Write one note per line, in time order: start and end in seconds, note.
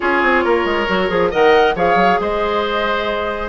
0.00 0.22 C#4
0.00 0.87 F4
0.00 0.44 G#4
0.00 1.31 C#5
0.22 0.44 C4
0.44 0.64 A#3
0.44 1.30 A#4
0.64 0.86 G#3
0.87 1.10 F#3
0.87 1.08 F#4
1.08 1.31 F3
1.08 1.30 G#4
1.30 1.75 D#3
1.30 1.75 A#4
1.30 1.74 D#5
1.30 1.76 F#5
1.75 1.95 F3
1.75 3.49 G#4
1.75 2.20 C#5
1.75 2.21 F5
1.95 2.17 F#3
2.19 3.49 G#3
2.19 3.49 C5
2.19 3.49 D#5